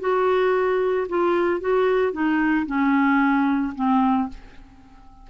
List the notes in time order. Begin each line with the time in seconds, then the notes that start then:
0.00 F#4
1.09 F4
1.61 F#4
2.13 D#4
2.67 C#4
3.75 C4